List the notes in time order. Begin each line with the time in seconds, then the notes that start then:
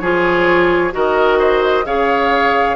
0.00 F3 F4 G#4 C#5
0.92 D#3 F#4 A#4 D#5
1.39 C5
1.85 C#3 G#4 C#5 F5